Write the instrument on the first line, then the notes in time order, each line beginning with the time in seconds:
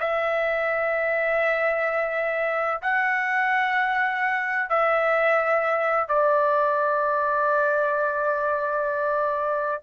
trumpet
0.00 E5
2.82 F#5
4.69 E5
6.08 D5